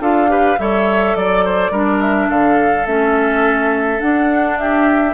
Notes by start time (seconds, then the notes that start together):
0.00 D4 F4 A4 F5
0.28 G4 B4
0.59 G3 A4 C#5 E5
1.15 F#3 D5
1.45 C5
1.70 G3 D4 A#4
2.01 E5
2.29 D3 A4 F5
2.86 A3 C#4 E5
3.99 D4 F#5
4.58 G4 E5